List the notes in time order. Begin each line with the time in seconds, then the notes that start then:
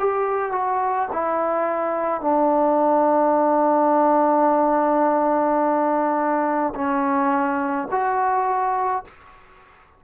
0.00 G4
0.52 F#4
1.13 E4
2.22 D4
6.76 C#4
7.92 F#4